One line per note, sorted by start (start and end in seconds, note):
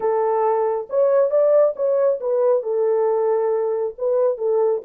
0.00 0.87 A4
0.89 1.30 C#5
1.30 1.74 D5
1.76 2.19 C#5
2.20 2.63 B4
2.63 3.94 A4
3.98 4.37 B4
4.37 4.81 A4